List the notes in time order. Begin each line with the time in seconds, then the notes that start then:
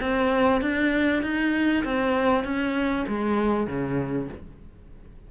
0.00 C4
0.61 D4
1.23 D#4
1.84 C4
2.44 C#4
3.08 G#3
3.67 C#3